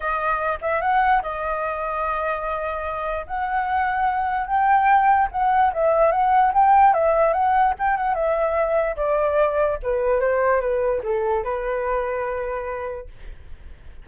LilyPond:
\new Staff \with { instrumentName = "flute" } { \time 4/4 \tempo 4 = 147 dis''4. e''8 fis''4 dis''4~ | dis''1 | fis''2. g''4~ | g''4 fis''4 e''4 fis''4 |
g''4 e''4 fis''4 g''8 fis''8 | e''2 d''2 | b'4 c''4 b'4 a'4 | b'1 | }